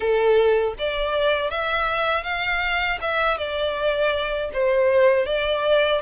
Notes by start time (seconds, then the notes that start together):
0.00 A4
0.78 D5
1.50 E5
2.23 F5
3.01 E5
3.37 D5
4.53 C5
5.26 D5